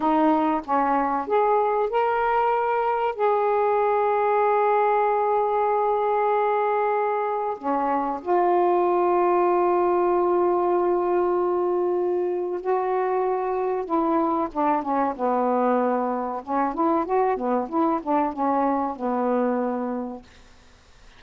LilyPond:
\new Staff \with { instrumentName = "saxophone" } { \time 4/4 \tempo 4 = 95 dis'4 cis'4 gis'4 ais'4~ | ais'4 gis'2.~ | gis'1 | cis'4 f'2.~ |
f'1 | fis'2 e'4 d'8 cis'8 | b2 cis'8 e'8 fis'8 b8 | e'8 d'8 cis'4 b2 | }